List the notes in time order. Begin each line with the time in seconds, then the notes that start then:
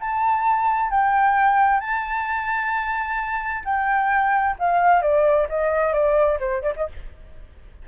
0.00 A5
0.90 G5
1.80 A5
3.64 G5
4.59 F5
5.01 D5
5.49 D#5
5.93 D5
6.39 C5
6.62 D5
6.76 D#5